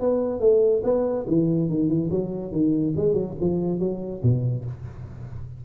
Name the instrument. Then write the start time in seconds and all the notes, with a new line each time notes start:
tuba
0.00 B3
0.40 A3
0.83 B3
1.27 E3
1.69 D#3
1.88 E3
2.10 F#3
2.52 D#3
2.96 G#3
3.13 F#3
3.40 F3
3.79 F#3
4.23 B2